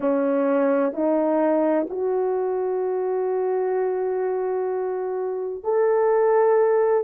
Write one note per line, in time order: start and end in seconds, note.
0.00 0.92 C#4
0.92 1.86 D#4
1.89 5.63 F#4
5.63 7.04 A4